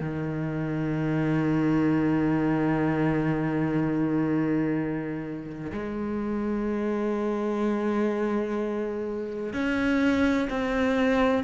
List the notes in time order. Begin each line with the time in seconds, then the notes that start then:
0.00 D#3
5.72 G#3
9.53 C#4
10.49 C4